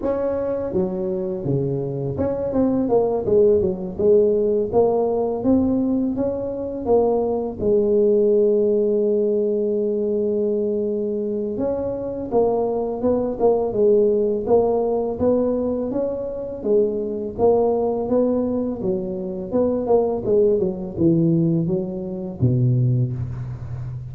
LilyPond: \new Staff \with { instrumentName = "tuba" } { \time 4/4 \tempo 4 = 83 cis'4 fis4 cis4 cis'8 c'8 | ais8 gis8 fis8 gis4 ais4 c'8~ | c'8 cis'4 ais4 gis4.~ | gis1 |
cis'4 ais4 b8 ais8 gis4 | ais4 b4 cis'4 gis4 | ais4 b4 fis4 b8 ais8 | gis8 fis8 e4 fis4 b,4 | }